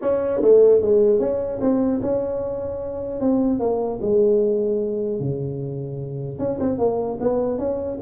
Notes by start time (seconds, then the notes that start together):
0.01 C#4
0.42 A3
0.81 G#3
1.19 C#4
1.61 C4
2.02 C#4
3.20 C4
3.59 A#3
4.01 G#3
5.19 C#3
6.39 C#4
6.59 C4
6.78 A#3
7.20 B3
7.58 C#4